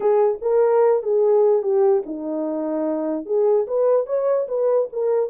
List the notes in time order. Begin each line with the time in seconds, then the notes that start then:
0.00 G#4
0.41 A#4
1.02 G#4
1.62 G4
2.06 D#4
3.25 G#4
3.67 B4
4.06 C#5
4.47 B4
4.92 A#4